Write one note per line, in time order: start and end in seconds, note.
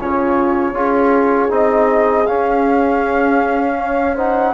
0.00 0.73 C#3
0.00 0.74 C#4
0.00 0.75 F4
0.00 1.52 C#5
0.73 1.49 C#4
0.73 1.49 F4
0.73 3.78 G#4
1.49 2.27 C4
1.49 2.25 D#4
1.49 2.26 D#5
2.26 4.17 C#4
2.26 4.54 C#4
2.26 4.16 F5
3.78 4.15 C#5
4.15 4.54 D#4
4.15 4.53 C5
4.15 4.54 F#5